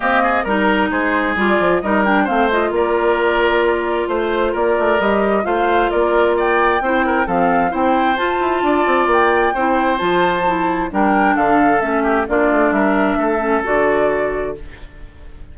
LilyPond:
<<
  \new Staff \with { instrumentName = "flute" } { \time 4/4 \tempo 4 = 132 dis''4 ais'4 c''4 d''4 | dis''8 g''8 f''8 dis''8 d''2~ | d''4 c''4 d''4 dis''4 | f''4 d''4 g''2 |
f''4 g''4 a''2 | g''2 a''2 | g''4 f''4 e''4 d''4 | e''2 d''2 | }
  \new Staff \with { instrumentName = "oboe" } { \time 4/4 g'8 gis'8 ais'4 gis'2 | ais'4 c''4 ais'2~ | ais'4 c''4 ais'2 | c''4 ais'4 d''4 c''8 ais'8 |
a'4 c''2 d''4~ | d''4 c''2. | ais'4 a'4. g'8 f'4 | ais'4 a'2. | }
  \new Staff \with { instrumentName = "clarinet" } { \time 4/4 ais4 dis'2 f'4 | dis'8 d'8 c'8 f'2~ f'8~ | f'2. g'4 | f'2. e'4 |
c'4 e'4 f'2~ | f'4 e'4 f'4 e'4 | d'2 cis'4 d'4~ | d'4. cis'8 fis'2 | }
  \new Staff \with { instrumentName = "bassoon" } { \time 4/4 c'4 g4 gis4 g8 f8 | g4 a4 ais2~ | ais4 a4 ais8 a8 g4 | a4 ais2 c'4 |
f4 c'4 f'8 e'8 d'8 c'8 | ais4 c'4 f2 | g4 d4 a4 ais8 a8 | g4 a4 d2 | }
>>